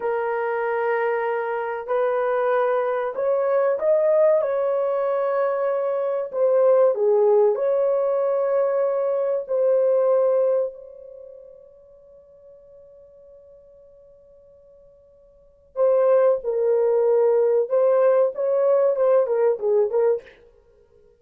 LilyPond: \new Staff \with { instrumentName = "horn" } { \time 4/4 \tempo 4 = 95 ais'2. b'4~ | b'4 cis''4 dis''4 cis''4~ | cis''2 c''4 gis'4 | cis''2. c''4~ |
c''4 cis''2.~ | cis''1~ | cis''4 c''4 ais'2 | c''4 cis''4 c''8 ais'8 gis'8 ais'8 | }